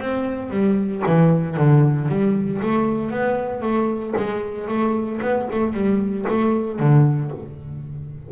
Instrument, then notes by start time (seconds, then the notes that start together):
double bass
0.00 C4
0.50 G3
1.06 E3
1.57 D3
2.08 G3
2.62 A3
3.10 B3
3.62 A3
4.17 G#3
4.68 A3
5.21 B3
5.51 A3
5.73 G3
6.29 A3
6.79 D3